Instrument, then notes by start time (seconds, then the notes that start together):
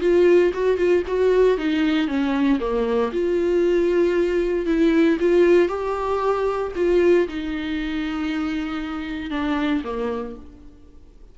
viola
0.00 F4
0.54 F#4
0.77 F4
1.07 F#4
1.57 D#4
2.07 C#4
2.60 A#3
3.12 F4
4.66 E4
5.20 F4
5.68 G4
6.76 F4
7.28 D#4
9.30 D4
9.84 A#3